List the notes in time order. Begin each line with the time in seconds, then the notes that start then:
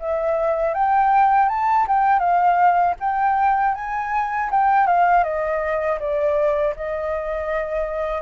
0.00 E5
0.74 G5
1.49 A5
1.88 G5
2.20 F5
3.00 G5
3.75 G#5
4.51 G5
4.87 F5
5.24 D#5
6.00 D5
6.76 D#5